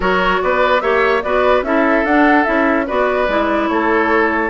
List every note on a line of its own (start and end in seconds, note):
0.00 0.40 F#3
0.00 0.80 F#4
0.00 0.40 A#4
0.00 0.42 C#5
0.42 0.82 B3
0.42 0.82 B4
0.42 0.80 D5
0.80 1.23 A#3
0.80 1.22 G4
0.80 1.23 C#5
0.80 1.22 E5
1.22 1.62 B3
1.22 1.64 F#4
1.22 1.65 B4
1.22 1.63 D5
1.62 2.03 C#4
1.62 2.05 E4
1.62 2.86 A4
1.62 2.05 E5
2.04 2.45 D4
2.04 2.44 F#5
2.44 2.89 C#4
2.44 2.86 E4
2.44 2.85 E5
2.86 3.27 B3
2.86 3.28 F#4
2.86 3.68 B4
2.86 3.68 D5
3.27 3.68 G#3
3.27 4.50 E4
3.68 4.50 A3
3.68 4.50 A4
3.68 4.50 C#5